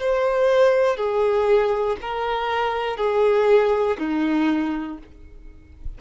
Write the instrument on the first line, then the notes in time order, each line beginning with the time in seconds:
violin
0.00 C5
0.97 G#4
2.01 A#4
2.97 G#4
3.99 D#4